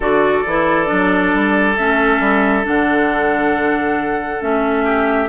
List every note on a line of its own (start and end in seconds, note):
0.00 0.42 D3
0.00 0.44 F#4
0.00 4.84 A4
0.00 1.76 D5
0.45 0.90 E3
0.45 0.86 E4
0.86 1.34 F#3
0.86 1.74 D4
1.34 1.78 G3
1.76 2.19 A3
1.76 2.63 C#4
1.76 2.65 E5
2.19 2.63 G3
2.63 4.41 D3
2.63 4.39 D4
2.63 4.42 F#5
4.40 5.28 A3
4.40 5.28 C#4
4.40 5.28 E5
4.84 5.28 G4